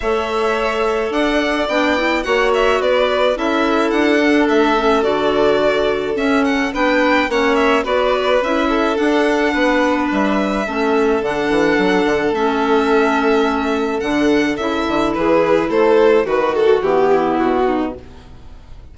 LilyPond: <<
  \new Staff \with { instrumentName = "violin" } { \time 4/4 \tempo 4 = 107 e''2 fis''4 g''4 | fis''8 e''8 d''4 e''4 fis''4 | e''4 d''2 e''8 fis''8 | g''4 fis''8 e''8 d''4 e''4 |
fis''2 e''2 | fis''2 e''2~ | e''4 fis''4 e''4 b'4 | c''4 b'8 a'8 g'4 fis'4 | }
  \new Staff \with { instrumentName = "violin" } { \time 4/4 cis''2 d''2 | cis''4 b'4 a'2~ | a'1 | b'4 cis''4 b'4. a'8~ |
a'4 b'2 a'4~ | a'1~ | a'2. gis'4 | a'4 fis'4. e'4 dis'8 | }
  \new Staff \with { instrumentName = "clarinet" } { \time 4/4 a'2. d'8 e'8 | fis'2 e'4. d'8~ | d'8 cis'8 fis'2 cis'4 | d'4 cis'4 fis'4 e'4 |
d'2. cis'4 | d'2 cis'2~ | cis'4 d'4 e'2~ | e'4 fis'4 b2 | }
  \new Staff \with { instrumentName = "bassoon" } { \time 4/4 a2 d'4 b4 | ais4 b4 cis'4 d'4 | a4 d2 cis'4 | b4 ais4 b4 cis'4 |
d'4 b4 g4 a4 | d8 e8 fis8 d8 a2~ | a4 d4 cis8 d8 e4 | a4 dis4 e4 b,4 | }
>>